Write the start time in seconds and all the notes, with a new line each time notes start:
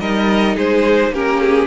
0.00 G3 D#4 A#4 D#5
0.55 G#3 G#4 C5
1.10 A#3 C#4 G4 A#4
1.41 G#4